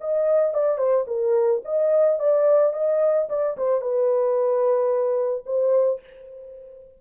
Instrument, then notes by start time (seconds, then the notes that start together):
horn
0.00 D#5
0.54 D5
0.77 C5
1.07 A#4
1.65 D#5
2.19 D5
2.73 D#5
3.29 D5
3.57 C5
3.81 B4
5.45 C5